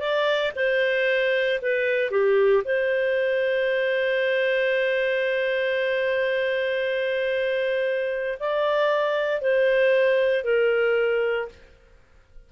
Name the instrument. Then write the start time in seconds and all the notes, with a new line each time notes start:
clarinet
0.00 D5
0.56 C5
1.62 B4
2.11 G4
2.64 C5
8.40 D5
9.41 C5
10.44 A#4